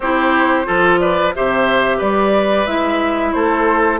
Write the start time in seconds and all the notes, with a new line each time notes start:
0.00 C4 E4 G4 C5
0.64 F3 F4 A4
0.99 B4 D5
1.35 C3 G4 C5 E5
1.97 G3 B4 D5
2.66 G#3 E4 E5
3.32 A3 A4 C5